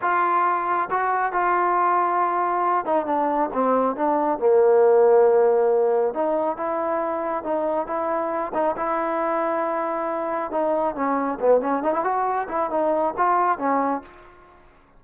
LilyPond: \new Staff \with { instrumentName = "trombone" } { \time 4/4 \tempo 4 = 137 f'2 fis'4 f'4~ | f'2~ f'8 dis'8 d'4 | c'4 d'4 ais2~ | ais2 dis'4 e'4~ |
e'4 dis'4 e'4. dis'8 | e'1 | dis'4 cis'4 b8 cis'8 dis'16 e'16 fis'8~ | fis'8 e'8 dis'4 f'4 cis'4 | }